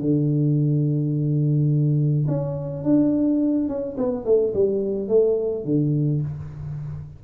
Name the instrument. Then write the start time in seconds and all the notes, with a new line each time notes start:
tuba
0.00 D3
2.28 C#4
2.83 D4
3.68 C#4
3.98 B3
4.25 A3
4.54 G3
5.08 A3
5.64 D3